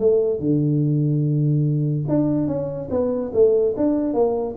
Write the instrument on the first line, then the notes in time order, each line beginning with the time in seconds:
tuba
0.00 A3
0.40 D3
2.09 D4
2.48 C#4
2.91 B3
3.34 A3
3.77 D4
4.14 A#3